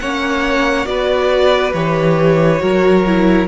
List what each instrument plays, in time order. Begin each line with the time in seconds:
0.00 cello A#3, viola C#4, violin C#5 F#5
0.86 cello B3, viola F#4, violin B4 D5
1.74 cello E3, viola G4, violin C#5
2.59 cello F#3, viola F#4, violin A#4
3.07 viola E4